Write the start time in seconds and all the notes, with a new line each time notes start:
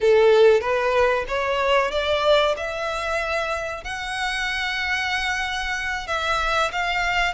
0.00 A4
0.61 B4
1.28 C#5
1.91 D5
2.56 E5
3.84 F#5
6.07 E5
6.72 F5